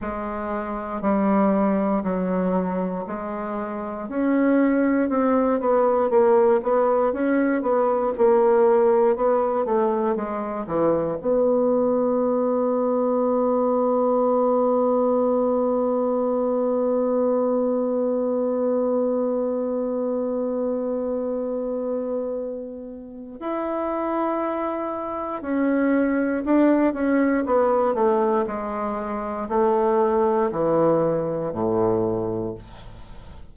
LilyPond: \new Staff \with { instrumentName = "bassoon" } { \time 4/4 \tempo 4 = 59 gis4 g4 fis4 gis4 | cis'4 c'8 b8 ais8 b8 cis'8 b8 | ais4 b8 a8 gis8 e8 b4~ | b1~ |
b1~ | b2. e'4~ | e'4 cis'4 d'8 cis'8 b8 a8 | gis4 a4 e4 a,4 | }